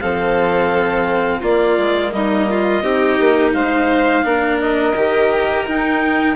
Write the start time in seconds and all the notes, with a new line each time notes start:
0.00 F3 C4 A4 F5
1.40 A#3 F4 D5
1.78 G#3
2.11 G3 D#4 D#5
2.50 F4
2.82 C4 D#4 G4
3.20 A#3
3.53 G#3 C5 F5
4.23 A#3 D4 A#4
4.60 D#5
4.95 D#3 G4
5.66 D#4 G5